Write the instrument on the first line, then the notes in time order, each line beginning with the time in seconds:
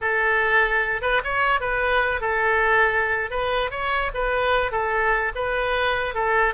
oboe
0.01 A4
1.01 B4
1.23 C#5
1.60 B4
2.21 A4
3.30 B4
3.70 C#5
4.14 B4
4.71 A4
5.35 B4
6.14 A4